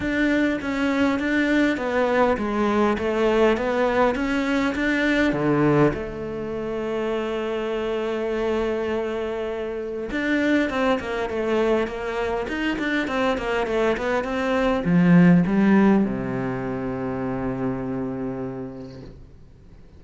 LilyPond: \new Staff \with { instrumentName = "cello" } { \time 4/4 \tempo 4 = 101 d'4 cis'4 d'4 b4 | gis4 a4 b4 cis'4 | d'4 d4 a2~ | a1~ |
a4 d'4 c'8 ais8 a4 | ais4 dis'8 d'8 c'8 ais8 a8 b8 | c'4 f4 g4 c4~ | c1 | }